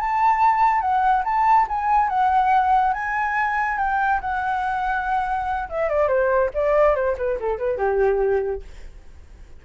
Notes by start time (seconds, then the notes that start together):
0.00 A5
0.81 F#5
1.24 A5
1.68 G#5
2.09 F#5
2.93 G#5
3.78 G5
4.21 F#5
5.69 E5
5.89 D5
6.08 C5
6.54 D5
6.95 C5
7.18 B4
7.39 A4
7.58 B4
7.77 G4